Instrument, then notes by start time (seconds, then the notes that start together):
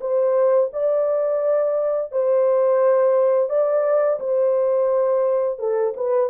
horn
0.00 C5
0.73 D5
2.12 C5
3.49 D5
4.19 C5
5.58 A4
5.96 B4